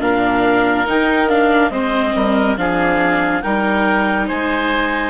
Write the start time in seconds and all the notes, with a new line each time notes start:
0.00 A#2 D4 A#4 F5
0.87 D#3 D#4 G5
1.29 D4 F5
1.71 G#3 C4 C5 D#5
2.16 G3 A#4
2.57 F3 D4 G#4 F5
3.42 G3 D#4 A#4 G5
4.28 G#3 C5 G#5